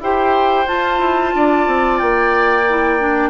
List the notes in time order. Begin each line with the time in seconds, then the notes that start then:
0.00 E4 G4 C5 G5
0.66 F4 A5
0.99 E4
1.35 D4 D5
1.68 C4
1.99 A#3 G5
2.69 E4
2.99 D4